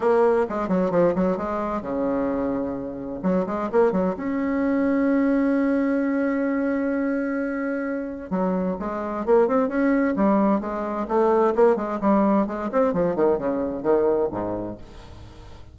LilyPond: \new Staff \with { instrumentName = "bassoon" } { \time 4/4 \tempo 4 = 130 ais4 gis8 fis8 f8 fis8 gis4 | cis2. fis8 gis8 | ais8 fis8 cis'2.~ | cis'1~ |
cis'2 fis4 gis4 | ais8 c'8 cis'4 g4 gis4 | a4 ais8 gis8 g4 gis8 c'8 | f8 dis8 cis4 dis4 gis,4 | }